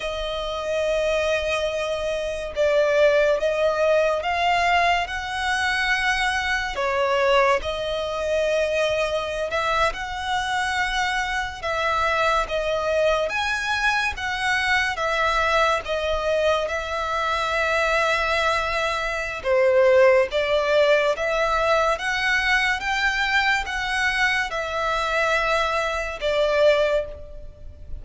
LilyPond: \new Staff \with { instrumentName = "violin" } { \time 4/4 \tempo 4 = 71 dis''2. d''4 | dis''4 f''4 fis''2 | cis''4 dis''2~ dis''16 e''8 fis''16~ | fis''4.~ fis''16 e''4 dis''4 gis''16~ |
gis''8. fis''4 e''4 dis''4 e''16~ | e''2. c''4 | d''4 e''4 fis''4 g''4 | fis''4 e''2 d''4 | }